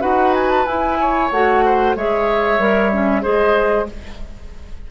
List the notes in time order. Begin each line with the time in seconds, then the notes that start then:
0.00 D#4 F#4 B4 F#5
0.34 G#5
0.50 A5
0.66 E4 G#5
1.00 C#5
1.31 A3 F#4 F#5
1.65 C5
1.95 G#3 G#4 C#5 E5
2.58 G3 A#4
2.92 C#4
3.21 G#3 G#4 C5 D#5